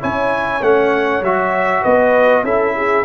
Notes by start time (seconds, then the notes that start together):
0.00 C#4 E4 C#5 G#5
0.61 A3 C#4 F#5
1.21 F#3 F#4 E5
1.82 B3 B4 D#5
2.43 C#4 E4 A4 E5
2.76 G#4